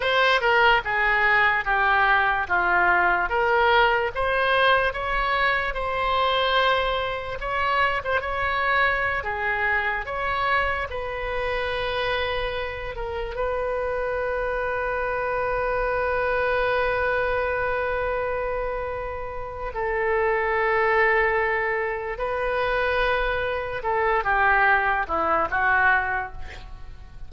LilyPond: \new Staff \with { instrumentName = "oboe" } { \time 4/4 \tempo 4 = 73 c''8 ais'8 gis'4 g'4 f'4 | ais'4 c''4 cis''4 c''4~ | c''4 cis''8. c''16 cis''4~ cis''16 gis'8.~ | gis'16 cis''4 b'2~ b'8 ais'16~ |
ais'16 b'2.~ b'8.~ | b'1 | a'2. b'4~ | b'4 a'8 g'4 e'8 fis'4 | }